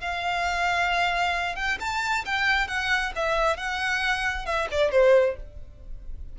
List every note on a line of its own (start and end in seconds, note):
0.00 1.55 F5
1.55 1.78 G5
1.80 2.24 A5
2.25 2.67 G5
2.67 3.12 F#5
3.15 3.57 E5
3.57 4.45 F#5
4.45 4.68 E5
4.71 4.91 D5
4.91 5.36 C5